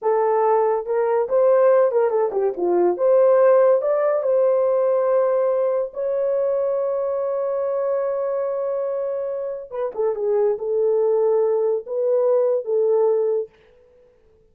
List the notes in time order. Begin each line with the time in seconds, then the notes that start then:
0.02 A4
0.85 A#4
1.28 C5
1.91 A#4
2.09 A4
2.32 G4
2.57 F4
2.97 C5
3.81 D5
4.23 C5
5.93 C#5
9.70 B4
9.94 A4
10.15 G#4
10.58 A4
11.86 B4
12.65 A4